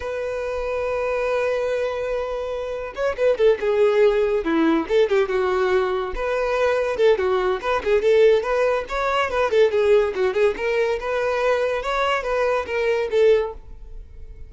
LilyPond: \new Staff \with { instrumentName = "violin" } { \time 4/4 \tempo 4 = 142 b'1~ | b'2. cis''8 b'8 | a'8 gis'2 e'4 a'8 | g'8 fis'2 b'4.~ |
b'8 a'8 fis'4 b'8 gis'8 a'4 | b'4 cis''4 b'8 a'8 gis'4 | fis'8 gis'8 ais'4 b'2 | cis''4 b'4 ais'4 a'4 | }